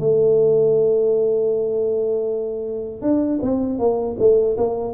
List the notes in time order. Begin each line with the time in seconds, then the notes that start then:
0.00 A3
3.02 D4
3.42 C4
3.79 A#3
4.19 A3
4.58 A#3